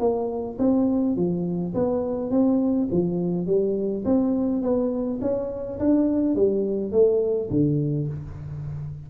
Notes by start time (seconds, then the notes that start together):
0.00 A#3
0.59 C4
1.16 F3
1.75 B3
2.31 C4
2.92 F3
3.47 G3
4.06 C4
4.63 B3
5.22 C#4
5.80 D4
6.36 G3
6.92 A3
7.51 D3